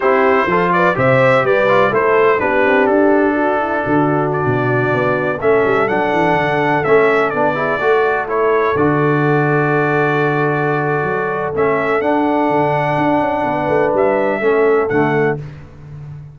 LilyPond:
<<
  \new Staff \with { instrumentName = "trumpet" } { \time 4/4 \tempo 4 = 125 c''4. d''8 e''4 d''4 | c''4 b'4 a'2~ | a'4 d''2~ d''16 e''8.~ | e''16 fis''2 e''4 d''8.~ |
d''4~ d''16 cis''4 d''4.~ d''16~ | d''1 | e''4 fis''2.~ | fis''4 e''2 fis''4 | }
  \new Staff \with { instrumentName = "horn" } { \time 4/4 g'4 a'8 b'8 c''4 b'4 | a'4 g'2 fis'8 e'8 | fis'2.~ fis'16 a'8.~ | a'2.~ a'8. gis'16~ |
gis'16 a'2.~ a'8.~ | a'1~ | a'1 | b'2 a'2 | }
  \new Staff \with { instrumentName = "trombone" } { \time 4/4 e'4 f'4 g'4. f'8 | e'4 d'2.~ | d'2.~ d'16 cis'8.~ | cis'16 d'2 cis'4 d'8 e'16~ |
e'16 fis'4 e'4 fis'4.~ fis'16~ | fis'1 | cis'4 d'2.~ | d'2 cis'4 a4 | }
  \new Staff \with { instrumentName = "tuba" } { \time 4/4 c'4 f4 c4 g4 | a4 b8 c'8 d'2 | d4~ d16 b,4 b4 a8 g16~ | g16 fis8 e8 d4 a4 b8.~ |
b16 a2 d4.~ d16~ | d2. fis4 | a4 d'4 d4 d'8 cis'8 | b8 a8 g4 a4 d4 | }
>>